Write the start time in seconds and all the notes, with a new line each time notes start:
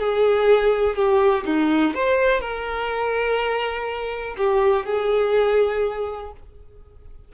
0.00 G#4
0.96 G4
1.46 D#4
1.95 C5
2.41 A#4
4.38 G4
4.86 G#4